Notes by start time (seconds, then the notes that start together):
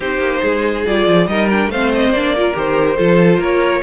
0.00 C4 D#4 G4 C5
0.18 A#3
0.42 G#3 G#4
0.86 G3 F4 D5
1.07 F3
1.26 G3 D#4 A#4 D#5
1.49 D4 G5
1.67 A3 C4 C5 F5
1.93 D#5
2.10 A#3 D4 D5
2.36 F4 A#4
2.53 D#3 G4 C5
2.97 F3 F4 A4
3.38 A#3 A#4 C#5